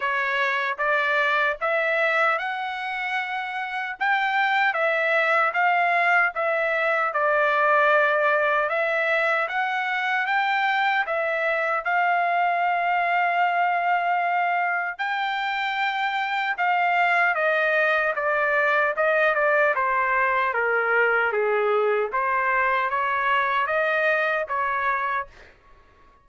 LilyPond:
\new Staff \with { instrumentName = "trumpet" } { \time 4/4 \tempo 4 = 76 cis''4 d''4 e''4 fis''4~ | fis''4 g''4 e''4 f''4 | e''4 d''2 e''4 | fis''4 g''4 e''4 f''4~ |
f''2. g''4~ | g''4 f''4 dis''4 d''4 | dis''8 d''8 c''4 ais'4 gis'4 | c''4 cis''4 dis''4 cis''4 | }